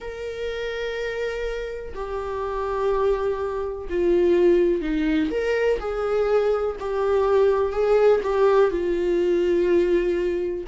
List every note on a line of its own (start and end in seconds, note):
0.00 1.94 A#4
1.94 3.88 G4
3.89 4.81 F4
4.81 5.30 D#4
5.30 5.79 A#4
5.79 6.76 G#4
6.79 7.72 G4
7.72 8.20 G#4
8.23 8.71 G4
8.71 10.64 F4